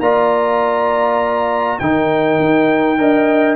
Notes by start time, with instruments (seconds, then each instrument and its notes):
0.00 tuba A#3, trombone F4, horn D5, trumpet A#5
1.79 tuba D#3, trombone D#4, horn A#4, trumpet G5
2.40 tuba D#4
2.98 tuba D4, trombone A#4, horn D#5